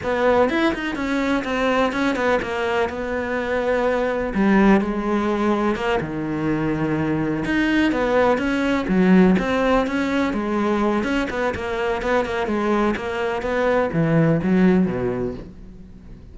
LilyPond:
\new Staff \with { instrumentName = "cello" } { \time 4/4 \tempo 4 = 125 b4 e'8 dis'8 cis'4 c'4 | cis'8 b8 ais4 b2~ | b4 g4 gis2 | ais8 dis2. dis'8~ |
dis'8 b4 cis'4 fis4 c'8~ | c'8 cis'4 gis4. cis'8 b8 | ais4 b8 ais8 gis4 ais4 | b4 e4 fis4 b,4 | }